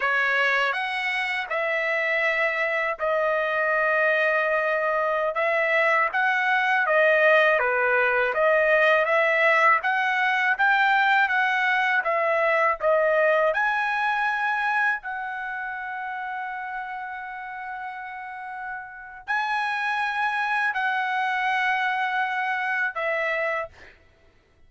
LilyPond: \new Staff \with { instrumentName = "trumpet" } { \time 4/4 \tempo 4 = 81 cis''4 fis''4 e''2 | dis''2.~ dis''16 e''8.~ | e''16 fis''4 dis''4 b'4 dis''8.~ | dis''16 e''4 fis''4 g''4 fis''8.~ |
fis''16 e''4 dis''4 gis''4.~ gis''16~ | gis''16 fis''2.~ fis''8.~ | fis''2 gis''2 | fis''2. e''4 | }